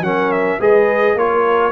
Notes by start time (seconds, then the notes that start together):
0.00 F#3 C#4 A#4 F#5
0.31 E5
0.58 G#3 G#4 B4 D#5
1.14 A#3 F4 A#4 C#5